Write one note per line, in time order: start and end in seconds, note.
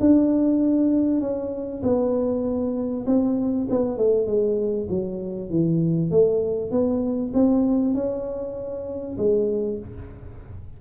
0.00 1.20 D4
1.20 1.81 C#4
1.82 3.05 B3
3.06 3.67 C4
3.69 3.97 B3
3.97 4.26 A3
4.26 4.88 G#3
4.89 5.49 F#3
5.49 6.10 E3
6.10 6.71 A3
6.71 7.32 B3
7.33 7.94 C4
7.94 9.16 C#4
9.17 9.78 G#3